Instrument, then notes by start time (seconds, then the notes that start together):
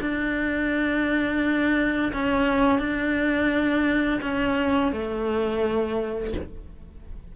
cello
0.00 D4
2.13 C#4
2.79 D4
4.21 C#4
4.92 A3